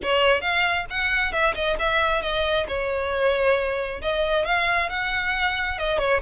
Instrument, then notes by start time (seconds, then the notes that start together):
violin
0.02 C#5
0.41 F5
0.90 F#5
1.32 E5
1.54 D#5
1.79 E5
2.22 D#5
2.67 C#5
4.01 D#5
4.45 F5
4.89 F#5
5.78 D#5
5.98 C#5